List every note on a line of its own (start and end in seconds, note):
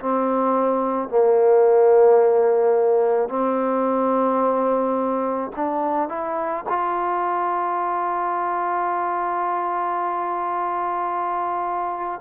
0.00 1.09 C4
1.09 3.29 A#3
3.29 5.52 C4
5.57 6.09 D4
6.09 6.65 E4
6.69 12.21 F4